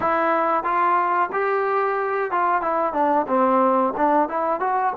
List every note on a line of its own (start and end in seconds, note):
0.00 0.63 E4
0.63 1.29 F4
1.32 2.31 G4
2.31 2.61 F4
2.61 2.93 E4
2.93 3.26 D4
3.27 3.93 C4
3.97 4.28 D4
4.28 4.60 E4
4.60 4.93 F#4